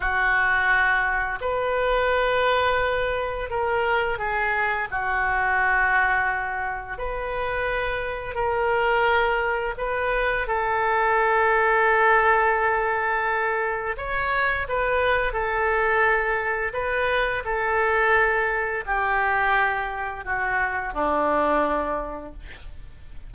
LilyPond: \new Staff \with { instrumentName = "oboe" } { \time 4/4 \tempo 4 = 86 fis'2 b'2~ | b'4 ais'4 gis'4 fis'4~ | fis'2 b'2 | ais'2 b'4 a'4~ |
a'1 | cis''4 b'4 a'2 | b'4 a'2 g'4~ | g'4 fis'4 d'2 | }